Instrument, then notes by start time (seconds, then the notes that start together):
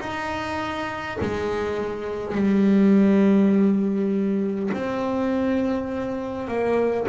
double bass
0.00 D#4
1.21 G#3
2.35 G3
4.73 C4
6.48 A#3